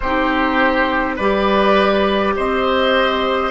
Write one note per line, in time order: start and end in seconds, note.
0.00 1.19 C4
0.00 1.20 D#4
0.00 1.15 G4
0.00 1.14 C5
1.15 2.36 G3
1.15 3.50 G4
1.15 2.33 B4
1.15 2.35 D5
2.36 3.50 C4
2.36 3.50 C5
2.36 3.50 D#5